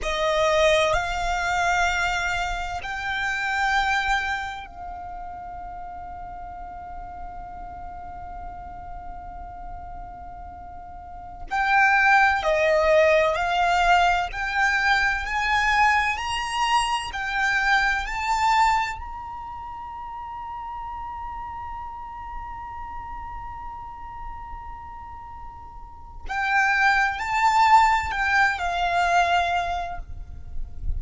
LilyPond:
\new Staff \with { instrumentName = "violin" } { \time 4/4 \tempo 4 = 64 dis''4 f''2 g''4~ | g''4 f''2.~ | f''1~ | f''16 g''4 dis''4 f''4 g''8.~ |
g''16 gis''4 ais''4 g''4 a''8.~ | a''16 ais''2.~ ais''8.~ | ais''1 | g''4 a''4 g''8 f''4. | }